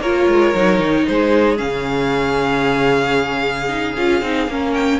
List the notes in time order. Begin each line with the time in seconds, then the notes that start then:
0.00 A#3 F4 A#4 C#5
0.27 G#3
0.54 F#3 D#4
0.79 D#3
1.06 G#3 G#4 C5
1.57 C#3 C#4 F5
3.68 D#4
3.97 C#4 F4
4.21 C4 D#4
4.47 A#3 C#4 A#4
4.73 G5